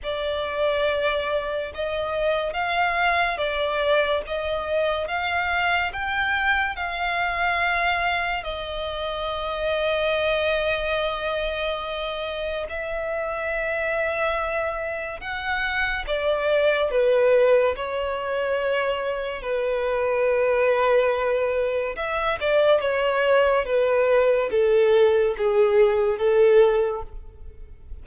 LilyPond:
\new Staff \with { instrumentName = "violin" } { \time 4/4 \tempo 4 = 71 d''2 dis''4 f''4 | d''4 dis''4 f''4 g''4 | f''2 dis''2~ | dis''2. e''4~ |
e''2 fis''4 d''4 | b'4 cis''2 b'4~ | b'2 e''8 d''8 cis''4 | b'4 a'4 gis'4 a'4 | }